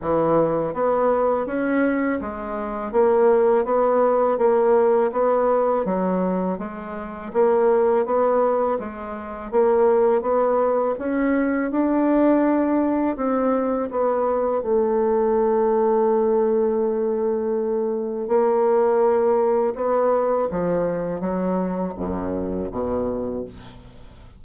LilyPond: \new Staff \with { instrumentName = "bassoon" } { \time 4/4 \tempo 4 = 82 e4 b4 cis'4 gis4 | ais4 b4 ais4 b4 | fis4 gis4 ais4 b4 | gis4 ais4 b4 cis'4 |
d'2 c'4 b4 | a1~ | a4 ais2 b4 | f4 fis4 fis,4 b,4 | }